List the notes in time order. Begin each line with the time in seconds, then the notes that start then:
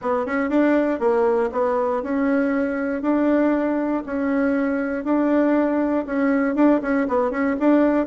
0.01 B3
0.25 C#4
0.49 D4
0.99 A#3
1.52 B3
2.03 C#4
3.02 D4
4.06 C#4
5.04 D4
6.05 C#4
6.55 D4
6.82 C#4
7.07 B3
7.30 C#4
7.59 D4